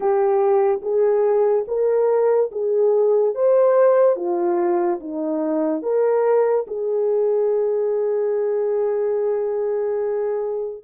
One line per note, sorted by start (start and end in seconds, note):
0.00 0.81 G4
0.81 1.65 G#4
1.67 2.50 A#4
2.51 3.34 G#4
3.34 4.16 C5
4.16 4.99 F4
5.00 5.82 D#4
5.82 6.65 A#4
6.67 10.83 G#4